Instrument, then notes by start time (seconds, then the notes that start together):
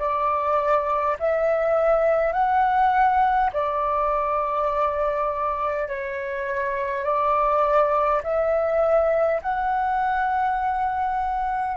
flute
0.00 D5
1.20 E5
2.33 F#5
3.53 D5
5.88 C#5
7.04 D5
8.24 E5
9.43 F#5